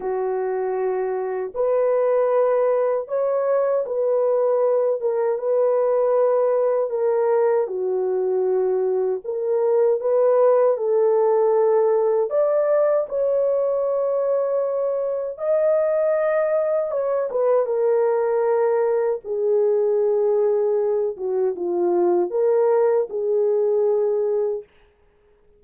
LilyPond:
\new Staff \with { instrumentName = "horn" } { \time 4/4 \tempo 4 = 78 fis'2 b'2 | cis''4 b'4. ais'8 b'4~ | b'4 ais'4 fis'2 | ais'4 b'4 a'2 |
d''4 cis''2. | dis''2 cis''8 b'8 ais'4~ | ais'4 gis'2~ gis'8 fis'8 | f'4 ais'4 gis'2 | }